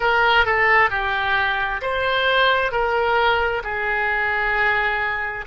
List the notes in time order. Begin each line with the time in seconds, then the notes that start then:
0.00 A#4
0.45 A4
0.90 G4
1.81 C5
2.71 A#4
3.63 G#4